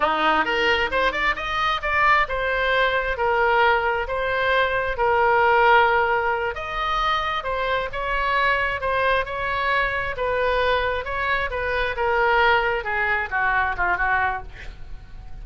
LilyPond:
\new Staff \with { instrumentName = "oboe" } { \time 4/4 \tempo 4 = 133 dis'4 ais'4 c''8 d''8 dis''4 | d''4 c''2 ais'4~ | ais'4 c''2 ais'4~ | ais'2~ ais'8 dis''4.~ |
dis''8 c''4 cis''2 c''8~ | c''8 cis''2 b'4.~ | b'8 cis''4 b'4 ais'4.~ | ais'8 gis'4 fis'4 f'8 fis'4 | }